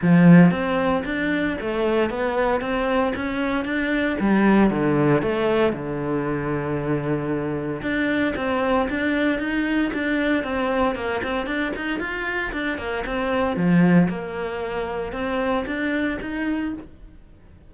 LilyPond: \new Staff \with { instrumentName = "cello" } { \time 4/4 \tempo 4 = 115 f4 c'4 d'4 a4 | b4 c'4 cis'4 d'4 | g4 d4 a4 d4~ | d2. d'4 |
c'4 d'4 dis'4 d'4 | c'4 ais8 c'8 d'8 dis'8 f'4 | d'8 ais8 c'4 f4 ais4~ | ais4 c'4 d'4 dis'4 | }